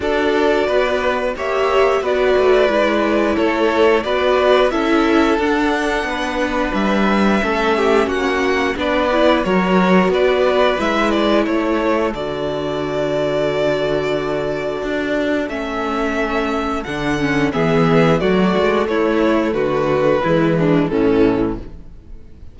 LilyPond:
<<
  \new Staff \with { instrumentName = "violin" } { \time 4/4 \tempo 4 = 89 d''2 e''4 d''4~ | d''4 cis''4 d''4 e''4 | fis''2 e''2 | fis''4 d''4 cis''4 d''4 |
e''8 d''8 cis''4 d''2~ | d''2. e''4~ | e''4 fis''4 e''4 d''4 | cis''4 b'2 a'4 | }
  \new Staff \with { instrumentName = "violin" } { \time 4/4 a'4 b'4 cis''4 b'4~ | b'4 a'4 b'4 a'4~ | a'4 b'2 a'8 g'8 | fis'4 b'4 ais'4 b'4~ |
b'4 a'2.~ | a'1~ | a'2 gis'4 fis'4 | e'4 fis'4 e'8 d'8 cis'4 | }
  \new Staff \with { instrumentName = "viola" } { \time 4/4 fis'2 g'4 fis'4 | e'2 fis'4 e'4 | d'2. cis'4~ | cis'4 d'8 e'8 fis'2 |
e'2 fis'2~ | fis'2. cis'4~ | cis'4 d'8 cis'8 b4 a4~ | a2 gis4 e4 | }
  \new Staff \with { instrumentName = "cello" } { \time 4/4 d'4 b4 ais4 b8 a8 | gis4 a4 b4 cis'4 | d'4 b4 g4 a4 | ais4 b4 fis4 b4 |
gis4 a4 d2~ | d2 d'4 a4~ | a4 d4 e4 fis8 gis8 | a4 d4 e4 a,4 | }
>>